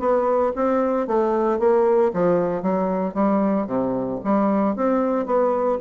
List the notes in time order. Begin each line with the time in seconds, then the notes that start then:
0.00 B3
0.56 C4
1.08 A3
1.60 A#3
2.14 F3
2.63 F#3
3.14 G3
3.67 C3
4.25 G3
4.76 C4
5.27 B3